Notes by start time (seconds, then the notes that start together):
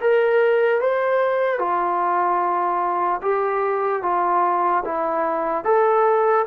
0.00 A#4
0.81 C5
1.58 F4
3.22 G4
4.02 F4
4.85 E4
5.64 A4